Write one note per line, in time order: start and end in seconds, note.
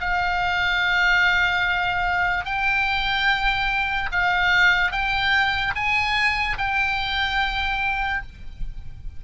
0.00 2.44 F5
2.44 4.09 G5
4.11 4.91 F5
4.91 5.73 G5
5.75 6.57 G#5
6.57 8.22 G5